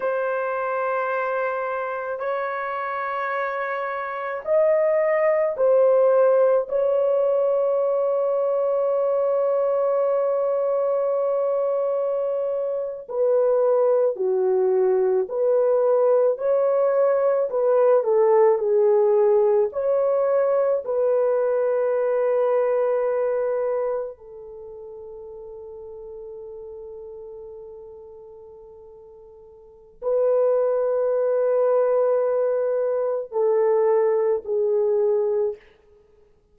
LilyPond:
\new Staff \with { instrumentName = "horn" } { \time 4/4 \tempo 4 = 54 c''2 cis''2 | dis''4 c''4 cis''2~ | cis''2.~ cis''8. b'16~ | b'8. fis'4 b'4 cis''4 b'16~ |
b'16 a'8 gis'4 cis''4 b'4~ b'16~ | b'4.~ b'16 a'2~ a'16~ | a'2. b'4~ | b'2 a'4 gis'4 | }